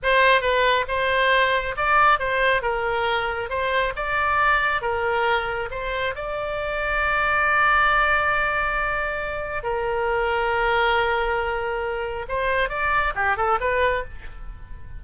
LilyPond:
\new Staff \with { instrumentName = "oboe" } { \time 4/4 \tempo 4 = 137 c''4 b'4 c''2 | d''4 c''4 ais'2 | c''4 d''2 ais'4~ | ais'4 c''4 d''2~ |
d''1~ | d''2 ais'2~ | ais'1 | c''4 d''4 g'8 a'8 b'4 | }